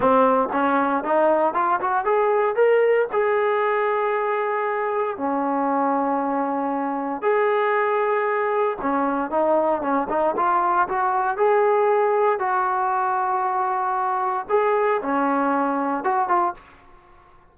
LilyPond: \new Staff \with { instrumentName = "trombone" } { \time 4/4 \tempo 4 = 116 c'4 cis'4 dis'4 f'8 fis'8 | gis'4 ais'4 gis'2~ | gis'2 cis'2~ | cis'2 gis'2~ |
gis'4 cis'4 dis'4 cis'8 dis'8 | f'4 fis'4 gis'2 | fis'1 | gis'4 cis'2 fis'8 f'8 | }